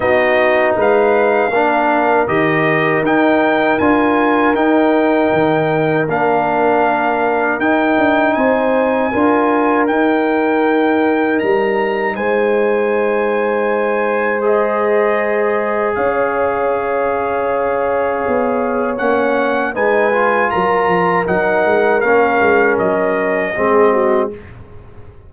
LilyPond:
<<
  \new Staff \with { instrumentName = "trumpet" } { \time 4/4 \tempo 4 = 79 dis''4 f''2 dis''4 | g''4 gis''4 g''2 | f''2 g''4 gis''4~ | gis''4 g''2 ais''4 |
gis''2. dis''4~ | dis''4 f''2.~ | f''4 fis''4 gis''4 ais''4 | fis''4 f''4 dis''2 | }
  \new Staff \with { instrumentName = "horn" } { \time 4/4 fis'4 b'4 ais'2~ | ais'1~ | ais'2. c''4 | ais'1 |
c''1~ | c''4 cis''2.~ | cis''2 b'4 ais'4~ | ais'2. gis'8 fis'8 | }
  \new Staff \with { instrumentName = "trombone" } { \time 4/4 dis'2 d'4 g'4 | dis'4 f'4 dis'2 | d'2 dis'2 | f'4 dis'2.~ |
dis'2. gis'4~ | gis'1~ | gis'4 cis'4 dis'8 f'4. | dis'4 cis'2 c'4 | }
  \new Staff \with { instrumentName = "tuba" } { \time 4/4 b4 gis4 ais4 dis4 | dis'4 d'4 dis'4 dis4 | ais2 dis'8 d'8 c'4 | d'4 dis'2 g4 |
gis1~ | gis4 cis'2. | b4 ais4 gis4 fis8 f8 | fis8 gis8 ais8 gis8 fis4 gis4 | }
>>